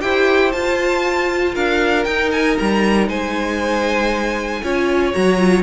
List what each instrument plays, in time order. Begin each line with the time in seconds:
0.00 cello E4, viola G4, violin C5 G5
0.51 viola F4, cello F4, violin A5
1.54 cello D4, violin A#4 F5
2.04 cello D#4, viola D#4, violin G5
2.31 violin G#5
2.58 cello G3, violin A#5
3.07 cello G#3, violin C5 G#5
4.63 cello C#4, viola F4, violin C#5
5.13 cello F#3, viola F#4, violin A#5
5.38 viola F4